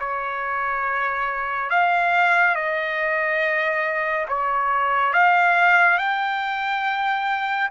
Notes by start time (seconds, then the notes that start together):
0.00 C#5
1.70 F5
2.55 D#5
4.29 C#5
5.13 F5
5.98 G5